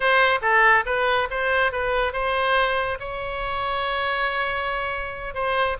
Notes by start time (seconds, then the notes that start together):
0.00 C5
0.41 A4
0.85 B4
1.30 C5
1.71 B4
2.12 C5
2.99 C#5
5.34 C5